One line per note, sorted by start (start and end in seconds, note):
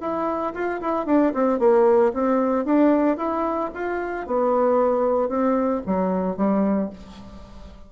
0.00 0.53 E4
0.54 0.81 F4
0.81 1.06 E4
1.06 1.33 D4
1.34 1.59 C4
1.59 2.12 A#3
2.13 2.65 C4
2.65 3.17 D4
3.17 3.70 E4
3.74 4.26 F4
4.26 5.29 B3
5.29 5.82 C4
5.86 6.36 F#3
6.36 6.90 G3